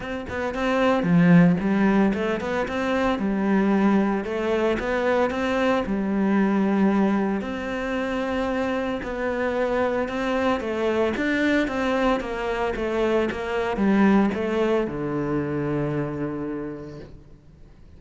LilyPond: \new Staff \with { instrumentName = "cello" } { \time 4/4 \tempo 4 = 113 c'8 b8 c'4 f4 g4 | a8 b8 c'4 g2 | a4 b4 c'4 g4~ | g2 c'2~ |
c'4 b2 c'4 | a4 d'4 c'4 ais4 | a4 ais4 g4 a4 | d1 | }